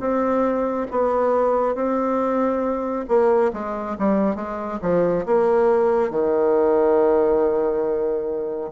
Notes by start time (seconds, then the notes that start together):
0.00 C4
0.92 B3
1.75 C4
3.08 A#3
3.54 G#3
3.99 G3
4.36 G#3
4.82 F3
5.26 A#3
6.10 D#3